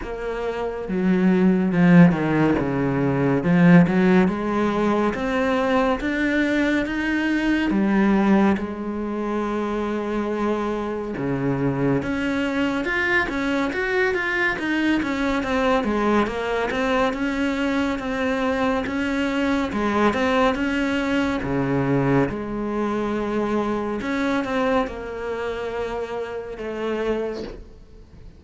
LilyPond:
\new Staff \with { instrumentName = "cello" } { \time 4/4 \tempo 4 = 70 ais4 fis4 f8 dis8 cis4 | f8 fis8 gis4 c'4 d'4 | dis'4 g4 gis2~ | gis4 cis4 cis'4 f'8 cis'8 |
fis'8 f'8 dis'8 cis'8 c'8 gis8 ais8 c'8 | cis'4 c'4 cis'4 gis8 c'8 | cis'4 cis4 gis2 | cis'8 c'8 ais2 a4 | }